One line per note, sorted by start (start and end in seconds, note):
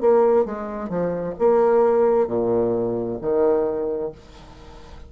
0.00 0.45 A#3
0.45 0.88 G#3
0.88 1.34 F3
1.38 2.27 A#3
2.27 3.18 A#2
3.21 4.12 D#3